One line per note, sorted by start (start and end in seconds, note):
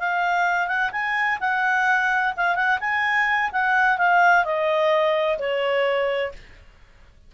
0.00 0.68 F5
0.68 0.91 F#5
0.92 1.39 G#5
1.41 2.34 F#5
2.37 2.55 F5
2.55 2.79 F#5
2.80 3.51 G#5
3.52 3.98 F#5
3.98 4.45 F5
4.45 5.39 D#5
5.39 6.33 C#5